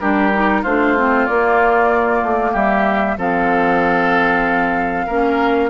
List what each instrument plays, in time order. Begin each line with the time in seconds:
0.00 bassoon G3, clarinet D4, oboe G4, flute A#4
0.33 clarinet D#4
0.62 bassoon A3, clarinet D4, oboe F4, flute C5
0.97 clarinet C4
1.26 clarinet A#3, bassoon A#3, flute D5
2.23 bassoon A3
2.52 bassoon G3, oboe G4, flute E5
3.17 bassoon F3, clarinet C4, oboe A4, flute F5
5.06 bassoon A#3, clarinet C#4, oboe A#4